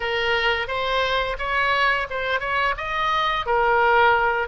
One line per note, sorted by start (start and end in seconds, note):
0.00 0.67 A#4
0.67 1.36 C5
1.38 2.07 C#5
2.09 2.40 C5
2.40 2.74 C#5
2.77 3.45 D#5
3.45 4.48 A#4